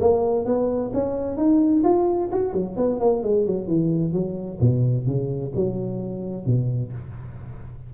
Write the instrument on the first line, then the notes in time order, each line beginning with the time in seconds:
tuba
0.00 A#3
0.45 B3
0.93 C#4
1.37 D#4
1.83 F4
2.31 F#4
2.53 F#3
2.76 B3
2.99 A#3
3.23 G#3
3.46 F#3
3.67 E3
4.13 F#3
4.60 B2
5.06 C#3
5.55 F#3
6.46 B2